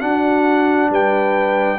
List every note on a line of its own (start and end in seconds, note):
0.00 1.79 D4
0.00 0.90 D4
0.00 0.90 F#4
0.00 0.90 F#5
0.90 1.79 G3
0.90 1.79 B4
0.90 1.79 G5